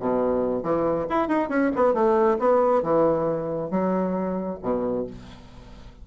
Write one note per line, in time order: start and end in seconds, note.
0.00 0.63 B2
0.63 1.07 E3
1.10 1.29 E4
1.29 1.49 D#4
1.49 1.71 C#4
1.76 1.94 B3
1.94 2.38 A3
2.39 2.83 B3
2.83 3.71 E3
3.71 4.59 F#3
4.63 5.07 B2